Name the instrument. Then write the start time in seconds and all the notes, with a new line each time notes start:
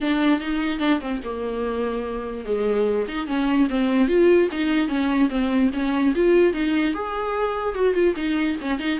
viola
0.00 D4
0.40 D#4
0.79 D4
1.00 C4
1.24 A#3
2.45 G#3
3.08 D#4
3.27 C#4
3.69 C4
4.08 F4
4.51 D#4
4.88 C#4
5.29 C4
5.73 C#4
6.15 F4
6.53 D#4
6.94 G#4
7.75 F#4
7.94 F4
8.16 D#4
8.61 C#4
8.79 D#4